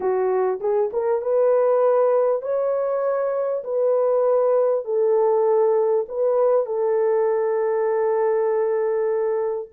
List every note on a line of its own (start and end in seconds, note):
0.00 0.59 F#4
0.60 0.90 G#4
0.93 1.21 A#4
1.21 2.42 B4
2.42 3.63 C#5
3.64 4.85 B4
4.85 6.06 A4
6.08 6.66 B4
6.66 9.69 A4